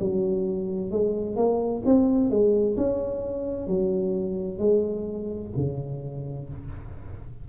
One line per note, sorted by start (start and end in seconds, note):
0.00 0.91 F#3
0.91 1.36 G#3
1.36 1.82 A#3
1.85 2.30 C4
2.30 2.76 G#3
2.77 3.67 C#4
3.67 4.59 F#3
4.59 5.51 G#3
5.56 6.49 C#3